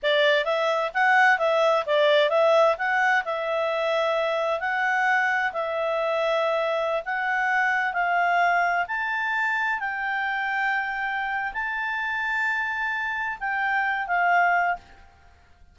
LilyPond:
\new Staff \with { instrumentName = "clarinet" } { \time 4/4 \tempo 4 = 130 d''4 e''4 fis''4 e''4 | d''4 e''4 fis''4 e''4~ | e''2 fis''2 | e''2.~ e''16 fis''8.~ |
fis''4~ fis''16 f''2 a''8.~ | a''4~ a''16 g''2~ g''8.~ | g''4 a''2.~ | a''4 g''4. f''4. | }